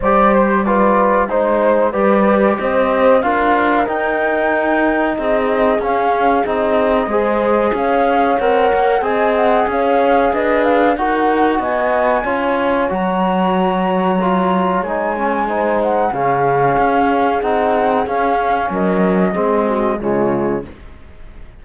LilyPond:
<<
  \new Staff \with { instrumentName = "flute" } { \time 4/4 \tempo 4 = 93 d''8 c''8 d''4 c''4 d''4 | dis''4 f''4 g''2 | dis''4 f''4 dis''2 | f''4 fis''4 gis''8 fis''8 f''4 |
dis''8 f''8 fis''4 gis''2 | ais''2. gis''4~ | gis''8 fis''8 f''2 fis''4 | f''4 dis''2 cis''4 | }
  \new Staff \with { instrumentName = "horn" } { \time 4/4 c''4 b'4 c''4 b'4 | c''4 ais'2. | gis'2. c''4 | cis''2 dis''4 cis''4 |
b'4 ais'4 dis''4 cis''4~ | cis''1 | c''4 gis'2.~ | gis'4 ais'4 gis'8 fis'8 f'4 | }
  \new Staff \with { instrumentName = "trombone" } { \time 4/4 g'4 f'4 dis'4 g'4~ | g'4 f'4 dis'2~ | dis'4 cis'4 dis'4 gis'4~ | gis'4 ais'4 gis'2~ |
gis'4 fis'2 f'4 | fis'2 f'4 dis'8 cis'8 | dis'4 cis'2 dis'4 | cis'2 c'4 gis4 | }
  \new Staff \with { instrumentName = "cello" } { \time 4/4 g2 gis4 g4 | c'4 d'4 dis'2 | c'4 cis'4 c'4 gis4 | cis'4 c'8 ais8 c'4 cis'4 |
d'4 dis'4 b4 cis'4 | fis2. gis4~ | gis4 cis4 cis'4 c'4 | cis'4 fis4 gis4 cis4 | }
>>